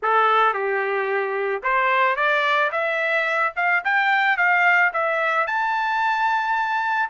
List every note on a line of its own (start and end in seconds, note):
0.02 0.53 A4
0.53 1.62 G4
1.62 2.16 C5
2.16 2.70 D5
2.71 3.53 E5
3.56 3.83 F5
3.84 4.37 G5
4.37 4.91 F5
4.93 5.46 E5
5.46 7.09 A5